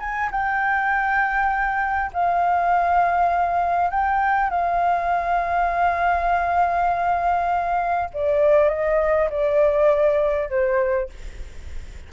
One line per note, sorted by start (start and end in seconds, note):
0.00 0.30 G#5
0.31 2.11 G5
2.13 3.91 F5
3.91 4.50 G5
4.50 8.10 F5
8.14 8.69 D5
8.69 9.29 D#5
9.30 10.49 D5
10.49 11.09 C5